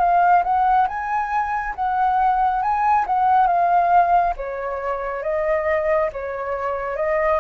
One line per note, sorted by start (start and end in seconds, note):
0.00 0.43 F5
0.44 0.87 F#5
0.88 1.75 G#5
1.76 2.62 F#5
2.62 3.06 G#5
3.07 3.47 F#5
3.47 4.34 F5
4.37 5.23 C#5
5.23 6.10 D#5
6.13 6.96 C#5
6.96 7.40 D#5